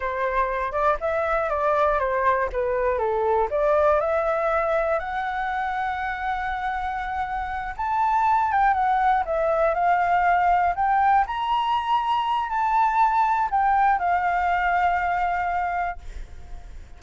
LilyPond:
\new Staff \with { instrumentName = "flute" } { \time 4/4 \tempo 4 = 120 c''4. d''8 e''4 d''4 | c''4 b'4 a'4 d''4 | e''2 fis''2~ | fis''2.~ fis''8 a''8~ |
a''4 g''8 fis''4 e''4 f''8~ | f''4. g''4 ais''4.~ | ais''4 a''2 g''4 | f''1 | }